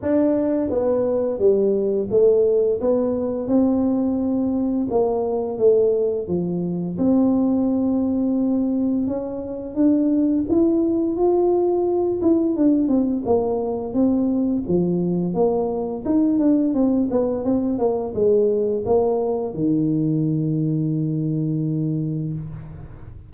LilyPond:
\new Staff \with { instrumentName = "tuba" } { \time 4/4 \tempo 4 = 86 d'4 b4 g4 a4 | b4 c'2 ais4 | a4 f4 c'2~ | c'4 cis'4 d'4 e'4 |
f'4. e'8 d'8 c'8 ais4 | c'4 f4 ais4 dis'8 d'8 | c'8 b8 c'8 ais8 gis4 ais4 | dis1 | }